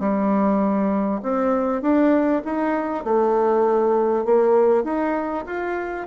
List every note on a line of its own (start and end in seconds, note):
0.00 1.21 G3
1.23 1.82 C4
1.82 2.43 D4
2.45 3.04 D#4
3.04 4.25 A3
4.25 4.84 A#3
4.84 5.45 D#4
5.47 6.07 F4